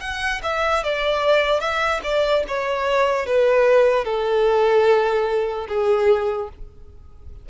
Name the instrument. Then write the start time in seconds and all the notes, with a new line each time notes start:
violin
0.00 F#5
0.43 E5
0.83 D5
1.60 E5
2.03 D5
2.48 C#5
3.26 B4
4.04 A4
5.68 G#4